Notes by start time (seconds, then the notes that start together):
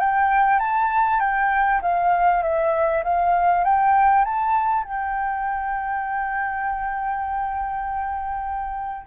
0.00 G5
0.59 A5
1.20 G5
1.82 F5
2.43 E5
3.04 F5
3.64 G5
4.25 A5
4.84 G5